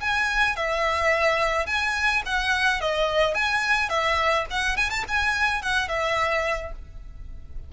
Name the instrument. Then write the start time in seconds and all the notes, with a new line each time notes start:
violin
0.00 G#5
0.56 E5
1.66 G#5
2.26 F#5
2.81 D#5
3.35 G#5
3.89 E5
4.50 F#5
4.77 G#5
4.90 A5
5.08 G#5
5.62 F#5
5.88 E5